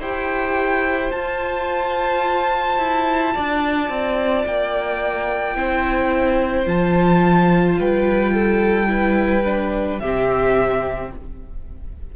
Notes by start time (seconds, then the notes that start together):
0.00 E4 G4 C5 G5
1.12 F4 A5
2.78 E4
3.35 D4 D5
3.90 C4
4.46 A#3 G5
5.55 C4 E4 C5
6.66 F3 F4 A5
7.80 G3 B4 G5
8.34 A4
8.87 E4 B4
9.45 D4
10.00 C3 C4 G4 E5